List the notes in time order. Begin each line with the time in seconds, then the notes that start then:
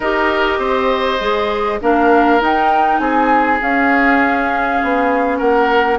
0.00 D#4 G4 A#4 D#5
0.58 C4 C5
1.20 G#3 G#4
1.80 A#3 D4 A#4 F5
2.40 D#4 G5
2.98 C4 G#4 G#5
3.62 C#4 F5
4.82 B3
5.38 A#3 A#4 F#5